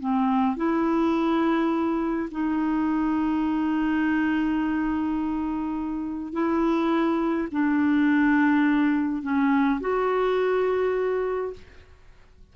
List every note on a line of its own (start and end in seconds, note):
0.00 0.56 C4
0.56 2.29 E4
2.32 6.33 D#4
6.33 7.48 E4
7.52 9.22 D4
9.22 9.80 C#4
9.80 11.53 F#4